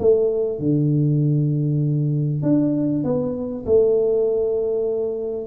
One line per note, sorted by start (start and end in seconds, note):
0.00 0.59 A3
0.59 2.43 D3
2.43 3.04 D4
3.04 3.65 B3
3.66 5.47 A3